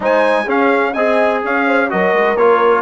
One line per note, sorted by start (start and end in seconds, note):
0.00 0.45 G#3
0.00 0.46 D#4
0.00 0.44 C5
0.00 0.49 G#5
0.44 0.94 C#4
0.44 0.95 C#4
0.44 0.91 G#4
0.44 0.93 F5
0.93 1.42 C4
0.93 1.89 G#4
0.93 1.40 D#5
0.93 1.40 G#5
1.44 1.91 C#4
1.44 1.66 C#5
1.44 1.90 F5
1.66 1.90 C5
1.89 2.13 F#3
1.89 2.36 F#4
1.89 2.81 A#4
1.89 2.36 D#5
2.13 2.36 G#3
2.36 2.81 A#3
2.36 2.81 F4
2.36 2.81 C#5